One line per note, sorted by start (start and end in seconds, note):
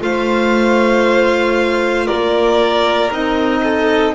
0.00 2.08 A3
0.00 3.10 F4
0.00 2.07 C5
0.00 2.07 F5
2.07 3.11 A#3
2.07 3.62 A#4
2.07 3.11 D5
3.11 4.15 C4
3.11 4.15 D#4
3.11 4.15 D#5
3.63 4.15 A4